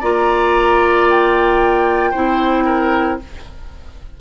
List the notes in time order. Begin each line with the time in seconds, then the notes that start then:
0.00 A#3 F4 D5 A#5
1.09 G5
2.11 C4 E4 C5
2.65 A#4